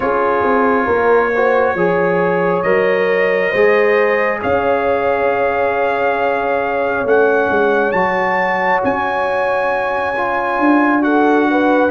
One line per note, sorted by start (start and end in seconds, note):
0.00 0.43 C#4
0.00 1.32 F4
0.00 0.85 G#4
0.00 2.62 C#5
0.43 0.87 C4
0.85 1.74 A#3
0.85 1.29 A#4
1.35 1.77 F#4
1.35 1.74 C5
1.74 2.63 F3
1.74 2.64 G#4
1.74 3.50 C#5
2.62 3.52 F#3
2.62 3.52 A#4
2.62 4.38 D#5
3.50 4.41 G#3
3.50 7.06 G#4
3.50 4.38 C5
4.41 7.04 C#4
4.41 11.02 C#5
4.41 7.07 F5
7.04 7.48 A3
7.04 7.94 C#4
7.04 7.91 F#5
7.49 7.92 G#3
7.91 8.81 F#3
7.91 10.14 F#4
7.91 8.80 A5
8.83 10.58 C#4
8.83 11.03 G#5
10.16 11.01 F4
10.58 11.90 D4
11.01 11.89 F#4
11.01 11.48 A4
11.01 11.90 F#5
11.50 11.90 B4